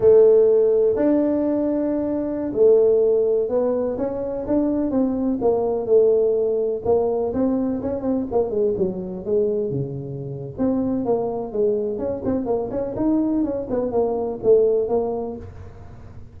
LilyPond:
\new Staff \with { instrumentName = "tuba" } { \time 4/4 \tempo 4 = 125 a2 d'2~ | d'4~ d'16 a2 b8.~ | b16 cis'4 d'4 c'4 ais8.~ | ais16 a2 ais4 c'8.~ |
c'16 cis'8 c'8 ais8 gis8 fis4 gis8.~ | gis16 cis4.~ cis16 c'4 ais4 | gis4 cis'8 c'8 ais8 cis'8 dis'4 | cis'8 b8 ais4 a4 ais4 | }